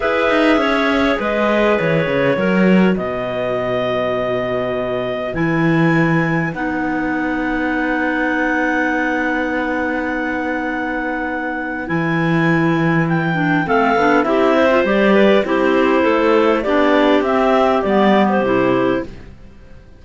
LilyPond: <<
  \new Staff \with { instrumentName = "clarinet" } { \time 4/4 \tempo 4 = 101 e''2 dis''4 cis''4~ | cis''4 dis''2.~ | dis''4 gis''2 fis''4~ | fis''1~ |
fis''1 | gis''2 g''4 f''4 | e''4 d''4 c''2 | d''4 e''4 d''8. c''4~ c''16 | }
  \new Staff \with { instrumentName = "clarinet" } { \time 4/4 b'4 cis''4 b'2 | ais'4 b'2.~ | b'1~ | b'1~ |
b'1~ | b'2. a'4 | g'8 c''4 b'8 g'4 a'4 | g'1 | }
  \new Staff \with { instrumentName = "clarinet" } { \time 4/4 gis'1 | fis'1~ | fis'4 e'2 dis'4~ | dis'1~ |
dis'1 | e'2~ e'8 d'8 c'8 d'8 | e'8. f'16 g'4 e'2 | d'4 c'4 b4 e'4 | }
  \new Staff \with { instrumentName = "cello" } { \time 4/4 e'8 dis'8 cis'4 gis4 e8 cis8 | fis4 b,2.~ | b,4 e2 b4~ | b1~ |
b1 | e2. a8 b8 | c'4 g4 c'4 a4 | b4 c'4 g4 c4 | }
>>